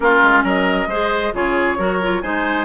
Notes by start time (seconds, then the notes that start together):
0.00 A#3 C#4 F4 A#4
0.22 G#3
0.43 F#3 A#4 D#5
0.86 G#3 G#4 C5
1.33 C#3 F4 G#4 C#5
1.77 F#3 F#4 A#4
2.02 F4
2.21 G#3 D#4 C5 G#5